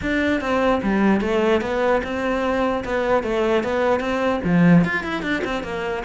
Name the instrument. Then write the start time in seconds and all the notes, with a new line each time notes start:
cello
0.02 D4
0.40 C4
0.83 G3
1.20 A3
1.61 B3
2.03 C4
2.84 B3
3.23 A3
3.63 B3
4.00 C4
4.43 F3
4.84 F4
5.03 E4
5.22 D4
5.44 C4
5.63 A#3